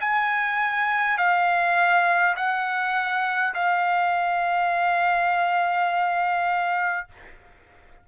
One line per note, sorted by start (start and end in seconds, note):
0.00 1.18 G#5
1.18 2.35 F5
2.36 3.53 F#5
3.54 7.07 F5